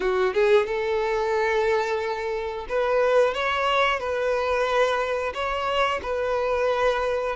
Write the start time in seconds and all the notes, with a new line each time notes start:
0.00 F#4
0.34 G#4
0.66 A4
2.68 B4
3.34 C#5
3.99 B4
5.33 C#5
6.02 B4